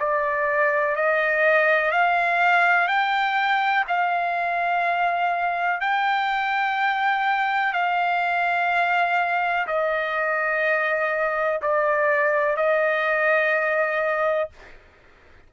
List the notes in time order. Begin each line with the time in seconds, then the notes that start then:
0.00 D5
0.96 D#5
1.92 F5
2.88 G5
3.88 F5
5.81 G5
7.73 F5
9.67 D#5
11.62 D5
12.57 D#5